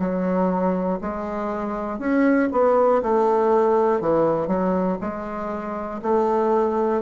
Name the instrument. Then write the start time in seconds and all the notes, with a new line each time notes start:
bassoon
0.00 F#3
1.01 G#3
2.00 C#4
2.52 B3
3.03 A3
4.01 E3
4.48 F#3
5.01 G#3
6.03 A3